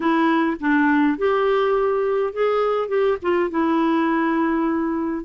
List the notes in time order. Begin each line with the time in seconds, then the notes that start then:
0.00 E4
0.60 D4
1.18 G4
2.33 G#4
2.88 G4
3.22 F4
3.50 E4